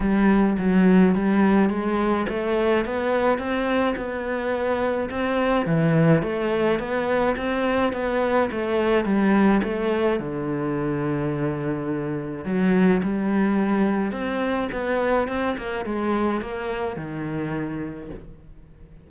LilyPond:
\new Staff \with { instrumentName = "cello" } { \time 4/4 \tempo 4 = 106 g4 fis4 g4 gis4 | a4 b4 c'4 b4~ | b4 c'4 e4 a4 | b4 c'4 b4 a4 |
g4 a4 d2~ | d2 fis4 g4~ | g4 c'4 b4 c'8 ais8 | gis4 ais4 dis2 | }